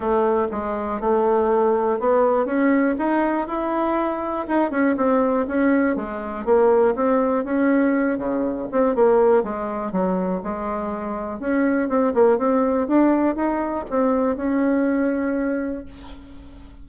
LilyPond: \new Staff \with { instrumentName = "bassoon" } { \time 4/4 \tempo 4 = 121 a4 gis4 a2 | b4 cis'4 dis'4 e'4~ | e'4 dis'8 cis'8 c'4 cis'4 | gis4 ais4 c'4 cis'4~ |
cis'8 cis4 c'8 ais4 gis4 | fis4 gis2 cis'4 | c'8 ais8 c'4 d'4 dis'4 | c'4 cis'2. | }